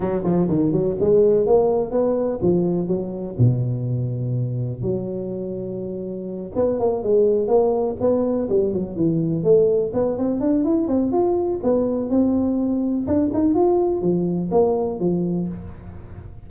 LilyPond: \new Staff \with { instrumentName = "tuba" } { \time 4/4 \tempo 4 = 124 fis8 f8 dis8 fis8 gis4 ais4 | b4 f4 fis4 b,4~ | b,2 fis2~ | fis4. b8 ais8 gis4 ais8~ |
ais8 b4 g8 fis8 e4 a8~ | a8 b8 c'8 d'8 e'8 c'8 f'4 | b4 c'2 d'8 dis'8 | f'4 f4 ais4 f4 | }